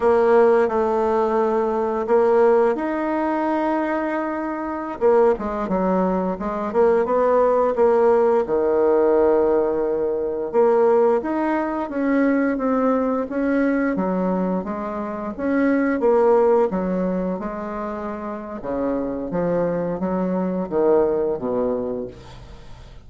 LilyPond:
\new Staff \with { instrumentName = "bassoon" } { \time 4/4 \tempo 4 = 87 ais4 a2 ais4 | dis'2.~ dis'16 ais8 gis16~ | gis16 fis4 gis8 ais8 b4 ais8.~ | ais16 dis2. ais8.~ |
ais16 dis'4 cis'4 c'4 cis'8.~ | cis'16 fis4 gis4 cis'4 ais8.~ | ais16 fis4 gis4.~ gis16 cis4 | f4 fis4 dis4 b,4 | }